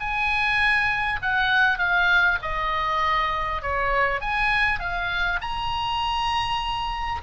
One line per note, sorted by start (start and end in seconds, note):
0.00 1.20 G#5
1.22 1.78 F#5
1.78 2.38 F5
2.42 3.62 D#5
3.62 4.21 C#5
4.21 4.79 G#5
4.79 5.39 F5
5.41 7.21 A#5